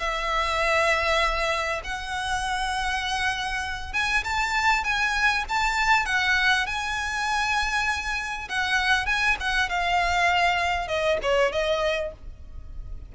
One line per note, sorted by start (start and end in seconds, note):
0.00 1.82 E5
1.85 3.93 F#5
3.93 4.24 G#5
4.25 4.84 A5
4.84 5.45 G#5
5.49 6.06 A5
6.06 6.67 F#5
6.67 8.49 G#5
8.49 9.06 F#5
9.06 9.37 G#5
9.40 9.69 F#5
9.69 10.88 F5
10.88 11.18 D#5
11.23 11.52 C#5
11.52 12.13 D#5